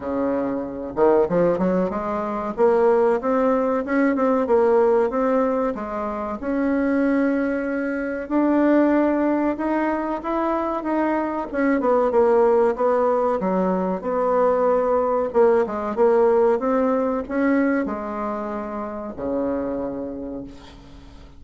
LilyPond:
\new Staff \with { instrumentName = "bassoon" } { \time 4/4 \tempo 4 = 94 cis4. dis8 f8 fis8 gis4 | ais4 c'4 cis'8 c'8 ais4 | c'4 gis4 cis'2~ | cis'4 d'2 dis'4 |
e'4 dis'4 cis'8 b8 ais4 | b4 fis4 b2 | ais8 gis8 ais4 c'4 cis'4 | gis2 cis2 | }